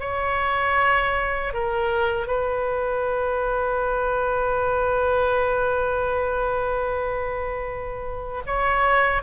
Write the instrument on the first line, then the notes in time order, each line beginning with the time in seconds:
oboe
0.00 C#5
1.53 A#4
2.27 B4
8.47 C#5